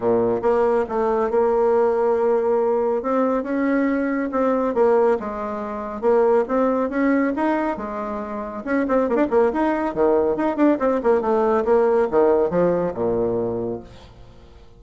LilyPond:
\new Staff \with { instrumentName = "bassoon" } { \time 4/4 \tempo 4 = 139 ais,4 ais4 a4 ais4~ | ais2. c'4 | cis'2 c'4 ais4 | gis2 ais4 c'4 |
cis'4 dis'4 gis2 | cis'8 c'8 ais16 d'16 ais8 dis'4 dis4 | dis'8 d'8 c'8 ais8 a4 ais4 | dis4 f4 ais,2 | }